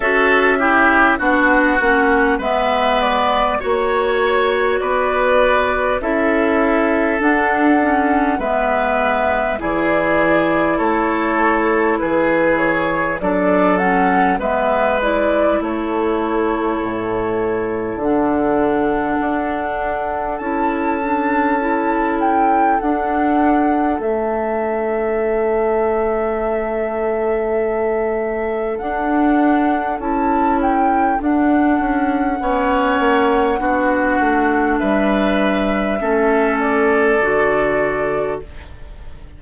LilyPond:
<<
  \new Staff \with { instrumentName = "flute" } { \time 4/4 \tempo 4 = 50 e''4 fis''4 e''8 d''8 cis''4 | d''4 e''4 fis''4 e''4 | d''4 cis''4 b'8 cis''8 d''8 fis''8 | e''8 d''8 cis''2 fis''4~ |
fis''4 a''4. g''8 fis''4 | e''1 | fis''4 a''8 g''8 fis''2~ | fis''4 e''4. d''4. | }
  \new Staff \with { instrumentName = "oboe" } { \time 4/4 a'8 g'8 fis'4 b'4 cis''4 | b'4 a'2 b'4 | gis'4 a'4 gis'4 a'4 | b'4 a'2.~ |
a'1~ | a'1~ | a'2. cis''4 | fis'4 b'4 a'2 | }
  \new Staff \with { instrumentName = "clarinet" } { \time 4/4 fis'8 e'8 d'8 cis'8 b4 fis'4~ | fis'4 e'4 d'8 cis'8 b4 | e'2. d'8 cis'8 | b8 e'2~ e'8 d'4~ |
d'4 e'8 d'8 e'4 d'4 | cis'1 | d'4 e'4 d'4 cis'4 | d'2 cis'4 fis'4 | }
  \new Staff \with { instrumentName = "bassoon" } { \time 4/4 cis'4 b8 ais8 gis4 ais4 | b4 cis'4 d'4 gis4 | e4 a4 e4 fis4 | gis4 a4 a,4 d4 |
d'4 cis'2 d'4 | a1 | d'4 cis'4 d'8 cis'8 b8 ais8 | b8 a8 g4 a4 d4 | }
>>